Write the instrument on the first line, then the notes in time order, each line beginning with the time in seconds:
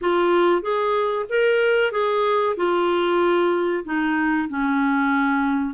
clarinet
0.01 F4
0.62 G#4
1.29 A#4
1.91 G#4
2.56 F4
3.84 D#4
4.49 C#4